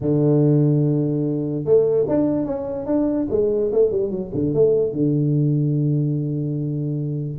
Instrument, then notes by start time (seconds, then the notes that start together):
tuba
0.00 D3
1.64 A3
2.08 D4
2.45 C#4
2.86 D4
3.30 G#3
3.72 A3
3.91 G3
4.10 F#3
4.34 D3
4.54 A3
4.92 D3